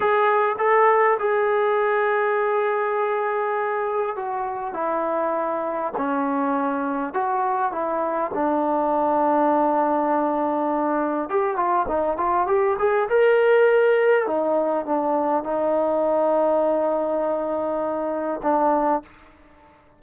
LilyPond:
\new Staff \with { instrumentName = "trombone" } { \time 4/4 \tempo 4 = 101 gis'4 a'4 gis'2~ | gis'2. fis'4 | e'2 cis'2 | fis'4 e'4 d'2~ |
d'2. g'8 f'8 | dis'8 f'8 g'8 gis'8 ais'2 | dis'4 d'4 dis'2~ | dis'2. d'4 | }